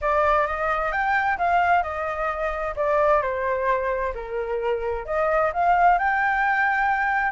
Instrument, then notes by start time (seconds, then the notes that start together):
flute
0.01 D5
0.46 D#5
0.92 G5
1.38 F5
1.82 D#5
2.76 D5
3.21 C5
4.14 A#4
5.05 D#5
5.53 F5
5.98 G5